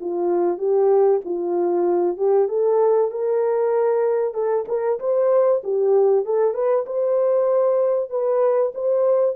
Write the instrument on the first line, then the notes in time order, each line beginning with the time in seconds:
horn
0.00 F4
0.58 G4
1.24 F4
2.17 G4
2.48 A4
3.11 A#4
4.34 A4
4.67 A#4
4.99 C5
5.63 G4
6.25 A4
6.53 B4
6.86 C5
8.10 B4
8.74 C5